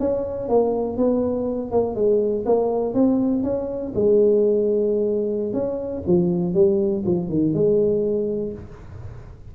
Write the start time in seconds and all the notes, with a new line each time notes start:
0.00 C#4
0.49 A#3
0.97 B3
1.71 A#3
1.95 G#3
2.46 A#3
2.94 C4
3.43 C#4
3.95 G#3
5.53 C#4
6.07 F3
6.54 G3
7.06 F3
7.29 D#3
7.54 G#3